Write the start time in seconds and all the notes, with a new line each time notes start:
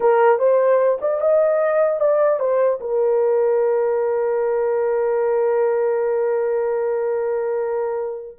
0.00 A#4
0.38 C5
1.01 D5
1.20 D#5
1.99 D5
2.39 C5
2.80 A#4